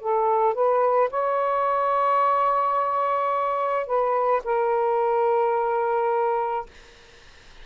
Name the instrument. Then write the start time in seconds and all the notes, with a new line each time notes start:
saxophone
0.00 A4
0.54 B4
1.10 C#5
3.86 B4
4.44 A#4